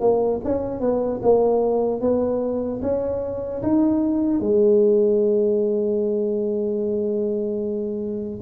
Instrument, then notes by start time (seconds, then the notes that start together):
tuba
0.00 A#3
0.44 C#4
0.80 B3
1.22 A#3
2.00 B3
2.82 C#4
3.62 D#4
4.40 G#3